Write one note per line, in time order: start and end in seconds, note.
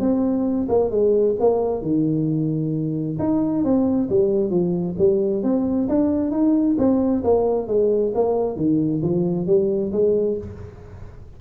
0.00 0.68 C4
0.69 0.91 A#3
0.91 1.36 G#3
1.40 1.82 A#3
1.82 3.17 D#3
3.19 3.64 D#4
3.64 4.09 C4
4.10 4.50 G3
4.50 4.95 F3
4.98 5.43 G3
5.43 5.88 C4
5.89 6.31 D4
6.31 6.76 D#4
6.78 7.23 C4
7.24 7.68 A#3
7.68 8.13 G#3
8.15 8.57 A#3
8.57 9.02 D#3
9.03 9.47 F3
9.47 9.92 G3
9.93 10.38 G#3